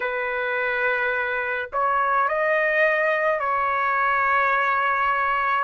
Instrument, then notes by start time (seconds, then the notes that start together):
trumpet
0.00 B4
1.72 C#5
2.28 D#5
3.39 C#5